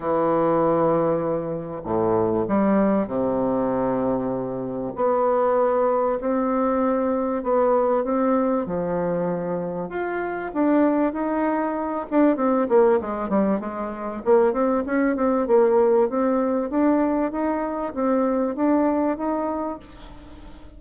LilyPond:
\new Staff \with { instrumentName = "bassoon" } { \time 4/4 \tempo 4 = 97 e2. a,4 | g4 c2. | b2 c'2 | b4 c'4 f2 |
f'4 d'4 dis'4. d'8 | c'8 ais8 gis8 g8 gis4 ais8 c'8 | cis'8 c'8 ais4 c'4 d'4 | dis'4 c'4 d'4 dis'4 | }